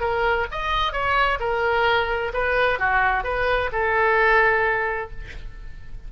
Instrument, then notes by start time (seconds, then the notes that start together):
oboe
0.00 A#4
0.51 D#5
0.92 C#5
1.40 A#4
2.33 B4
2.79 F#4
3.24 B4
3.72 A4